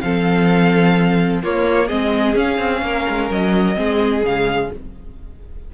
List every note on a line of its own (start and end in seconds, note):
0.00 1.43 F3
0.00 1.43 C4
0.00 1.42 A4
0.00 1.41 F5
1.42 1.90 A#3
1.42 1.87 F4
1.42 1.88 C#5
1.87 2.35 G#3
1.87 2.35 C4
1.87 2.80 G#4
1.87 2.35 D#5
2.35 2.58 C#4
2.35 3.75 C#4
2.35 3.31 F5
2.58 2.82 C4
2.82 3.05 A#3
2.82 3.77 A#4
3.09 3.30 G#3
3.30 3.77 F#3
3.30 4.25 D#5
3.75 4.23 G#3
3.75 4.22 C4
3.75 4.71 G#4
4.23 4.70 C#3
4.23 4.74 G#3
4.23 4.72 F5